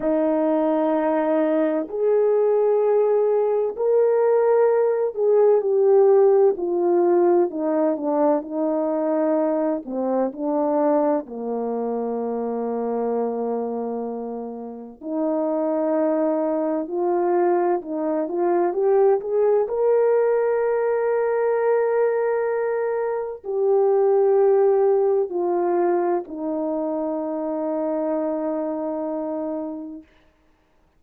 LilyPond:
\new Staff \with { instrumentName = "horn" } { \time 4/4 \tempo 4 = 64 dis'2 gis'2 | ais'4. gis'8 g'4 f'4 | dis'8 d'8 dis'4. c'8 d'4 | ais1 |
dis'2 f'4 dis'8 f'8 | g'8 gis'8 ais'2.~ | ais'4 g'2 f'4 | dis'1 | }